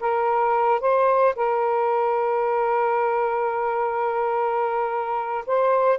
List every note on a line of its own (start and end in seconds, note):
0.00 0.80 A#4
0.80 1.34 C5
1.35 5.44 A#4
5.46 5.98 C5